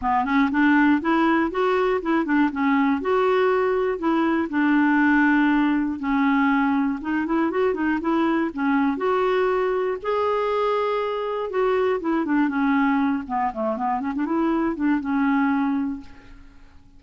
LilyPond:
\new Staff \with { instrumentName = "clarinet" } { \time 4/4 \tempo 4 = 120 b8 cis'8 d'4 e'4 fis'4 | e'8 d'8 cis'4 fis'2 | e'4 d'2. | cis'2 dis'8 e'8 fis'8 dis'8 |
e'4 cis'4 fis'2 | gis'2. fis'4 | e'8 d'8 cis'4. b8 a8 b8 | cis'16 d'16 e'4 d'8 cis'2 | }